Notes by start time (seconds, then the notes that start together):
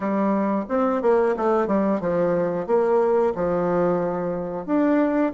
0.00 G3
0.68 C4
1.02 A#3
1.36 A3
1.67 G3
2.00 F3
2.66 A#3
3.35 F3
4.65 D4